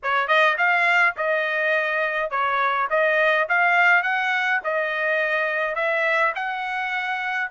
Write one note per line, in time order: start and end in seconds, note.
0.03 0.27 C#5
0.27 0.56 D#5
0.57 1.15 F5
1.16 2.30 D#5
2.30 2.88 C#5
2.90 3.47 D#5
3.49 4.02 F5
4.02 4.60 F#5
4.64 5.75 D#5
5.75 6.33 E5
6.35 7.50 F#5